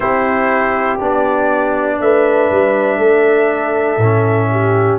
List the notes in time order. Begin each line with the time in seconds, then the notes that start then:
0.00 C4 E4 G4 C5
0.99 B3 D4 D5
2.00 A3 B4 E5
2.50 G3
2.98 A3 A4
3.97 A2
4.03 C#4
4.51 G4